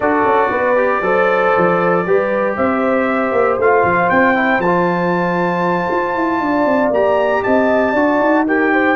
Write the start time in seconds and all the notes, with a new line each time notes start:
0.00 D4 F#4 A4 D5
0.24 C#4
0.50 B3 B4
0.76 G4
1.01 F#3 A4 C5
1.57 F3
2.06 G3 G4 B4
2.56 C4 C5 E5
3.32 A#3
3.58 A3 F4 F5
3.84 F3
4.09 C4 G5
4.35 E4
4.58 F3 A5
4.65 F4
5.90 F4
6.15 E4
6.40 D4 D5
6.65 C4
6.90 A#3 G4 A#5
7.43 C4 D#5 A5
7.92 D4 F#4 D5
8.19 D#4
8.47 G4 A#4 G5
8.72 C5